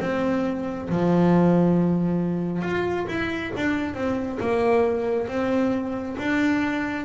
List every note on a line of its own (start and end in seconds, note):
0.00 0.88 C4
0.89 2.62 F3
2.62 3.06 F4
3.08 3.52 E4
3.56 3.94 D4
3.94 4.38 C4
4.40 5.27 A#3
5.27 6.16 C4
6.18 7.05 D4